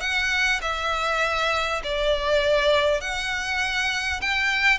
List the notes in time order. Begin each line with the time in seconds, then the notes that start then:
0.00 F#5
0.61 E5
1.83 D5
3.01 F#5
4.21 G5